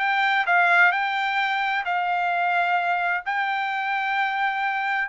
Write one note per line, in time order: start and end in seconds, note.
0.00 0.46 G5
0.47 0.93 F5
0.93 1.85 G5
1.86 3.24 F5
3.26 5.09 G5